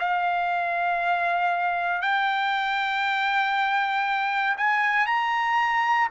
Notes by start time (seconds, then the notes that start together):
0.00 F5
2.02 G5
4.58 G#5
5.07 A#5